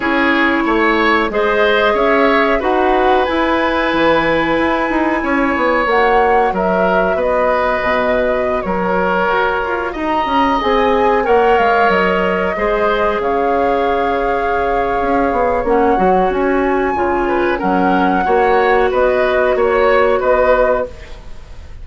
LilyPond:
<<
  \new Staff \with { instrumentName = "flute" } { \time 4/4 \tempo 4 = 92 cis''2 dis''4 e''4 | fis''4 gis''2.~ | gis''4 fis''4 e''4 dis''4~ | dis''4~ dis''16 cis''2 ais''8.~ |
ais''16 gis''4 fis''8 f''8 dis''4.~ dis''16~ | dis''16 f''2.~ f''8. | fis''4 gis''2 fis''4~ | fis''4 dis''4 cis''4 dis''4 | }
  \new Staff \with { instrumentName = "oboe" } { \time 4/4 gis'4 cis''4 c''4 cis''4 | b'1 | cis''2 ais'4 b'4~ | b'4~ b'16 ais'2 dis''8.~ |
dis''4~ dis''16 cis''2 c''8.~ | c''16 cis''2.~ cis''8.~ | cis''2~ cis''8 b'8 ais'4 | cis''4 b'4 cis''4 b'4 | }
  \new Staff \with { instrumentName = "clarinet" } { \time 4/4 e'2 gis'2 | fis'4 e'2.~ | e'4 fis'2.~ | fis'1~ |
fis'16 gis'4 ais'2 gis'8.~ | gis'1 | cis'8 fis'4. f'4 cis'4 | fis'1 | }
  \new Staff \with { instrumentName = "bassoon" } { \time 4/4 cis'4 a4 gis4 cis'4 | dis'4 e'4 e4 e'8 dis'8 | cis'8 b8 ais4 fis4 b4 | b,4~ b,16 fis4 fis'8 f'8 dis'8 cis'16~ |
cis'16 c'4 ais8 gis8 fis4 gis8.~ | gis16 cis2~ cis8. cis'8 b8 | ais8 fis8 cis'4 cis4 fis4 | ais4 b4 ais4 b4 | }
>>